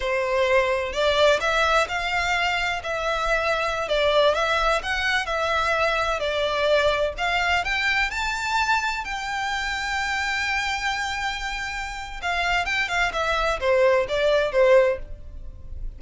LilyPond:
\new Staff \with { instrumentName = "violin" } { \time 4/4 \tempo 4 = 128 c''2 d''4 e''4 | f''2 e''2~ | e''16 d''4 e''4 fis''4 e''8.~ | e''4~ e''16 d''2 f''8.~ |
f''16 g''4 a''2 g''8.~ | g''1~ | g''2 f''4 g''8 f''8 | e''4 c''4 d''4 c''4 | }